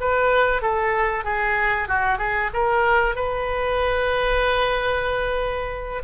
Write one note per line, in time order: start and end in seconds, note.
0.00 0.62 B4
0.62 1.24 A4
1.24 1.88 G#4
1.88 2.18 F#4
2.18 2.50 G#4
2.53 3.15 A#4
3.15 6.02 B4